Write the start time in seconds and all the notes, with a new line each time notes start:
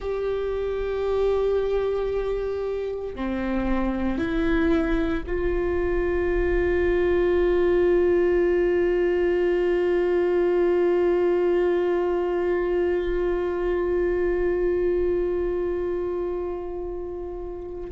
0.00 G4
3.15 C4
4.18 E4
5.26 F4